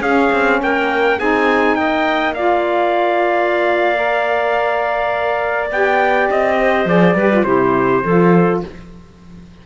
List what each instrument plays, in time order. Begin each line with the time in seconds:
0.00 cello C#4, saxophone C#4, clarinet G#4, trumpet F5
0.32 cello C4
0.62 cello A#3, clarinet A#4, trumpet G5
1.18 cello C4, saxophone D#4, clarinet G#4, trumpet G#5
1.75 cello A#3, clarinet D#5, trumpet G5
2.34 saxophone F4, clarinet D5, trumpet F5
3.94 saxophone A#4
5.71 cello B3, saxophone G4, trumpet G5
6.31 cello C4, trumpet D#5
6.58 clarinet C5
6.85 cello F3, saxophone G#4, trumpet D5
7.14 cello G3, saxophone G4, clarinet B4
7.32 saxophone F4
7.44 cello C3, saxophone E4, clarinet G4, trumpet C5
8.03 cello F3, saxophone F4, clarinet A4